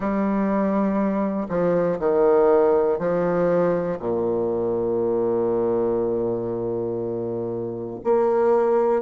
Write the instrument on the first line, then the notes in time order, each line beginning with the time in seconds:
bassoon
0.00 G3
1.48 F3
1.99 D#3
2.98 F3
3.99 A#2
8.04 A#3